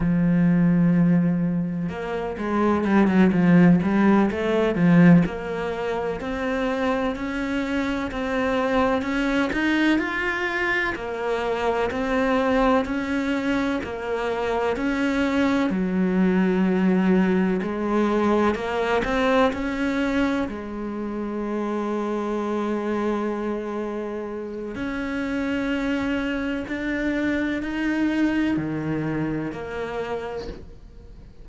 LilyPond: \new Staff \with { instrumentName = "cello" } { \time 4/4 \tempo 4 = 63 f2 ais8 gis8 g16 fis16 f8 | g8 a8 f8 ais4 c'4 cis'8~ | cis'8 c'4 cis'8 dis'8 f'4 ais8~ | ais8 c'4 cis'4 ais4 cis'8~ |
cis'8 fis2 gis4 ais8 | c'8 cis'4 gis2~ gis8~ | gis2 cis'2 | d'4 dis'4 dis4 ais4 | }